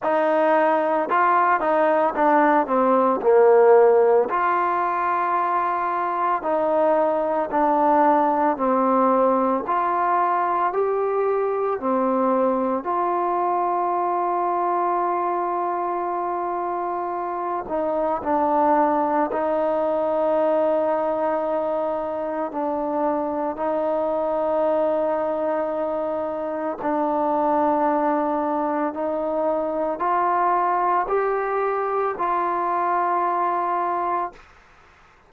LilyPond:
\new Staff \with { instrumentName = "trombone" } { \time 4/4 \tempo 4 = 56 dis'4 f'8 dis'8 d'8 c'8 ais4 | f'2 dis'4 d'4 | c'4 f'4 g'4 c'4 | f'1~ |
f'8 dis'8 d'4 dis'2~ | dis'4 d'4 dis'2~ | dis'4 d'2 dis'4 | f'4 g'4 f'2 | }